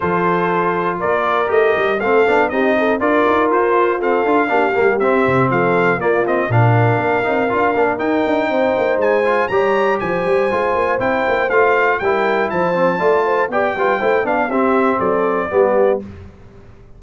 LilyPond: <<
  \new Staff \with { instrumentName = "trumpet" } { \time 4/4 \tempo 4 = 120 c''2 d''4 dis''4 | f''4 dis''4 d''4 c''4 | f''2 e''4 f''4 | d''8 dis''8 f''2. |
g''2 gis''4 ais''4 | gis''2 g''4 f''4 | g''4 a''2 g''4~ | g''8 f''8 e''4 d''2 | }
  \new Staff \with { instrumentName = "horn" } { \time 4/4 a'2 ais'2 | a'4 g'8 a'8 ais'2 | a'4 g'2 a'4 | f'4 ais'2.~ |
ais'4 c''2 cis''4 | c''1 | ais'4 c''4 d''8 c''8 d''8 b'8 | c''8 d''8 g'4 a'4 g'4 | }
  \new Staff \with { instrumentName = "trombone" } { \time 4/4 f'2. g'4 | c'8 d'8 dis'4 f'2 | c'8 f'8 d'8 ais8 c'2 | ais8 c'8 d'4. dis'8 f'8 d'8 |
dis'2~ dis'8 f'8 g'4~ | g'4 f'4 e'4 f'4 | e'4. c'8 f'4 g'8 f'8 | e'8 d'8 c'2 b4 | }
  \new Staff \with { instrumentName = "tuba" } { \time 4/4 f2 ais4 a8 g8 | a8 b8 c'4 d'8 dis'8 f'4~ | f'8 d'8 ais8 g8 c'8 c8 f4 | ais4 ais,4 ais8 c'8 d'8 ais8 |
dis'8 d'8 c'8 ais8 gis4 g4 | f8 g8 gis8 ais8 c'8 ais8 a4 | g4 f4 a4 b8 g8 | a8 b8 c'4 fis4 g4 | }
>>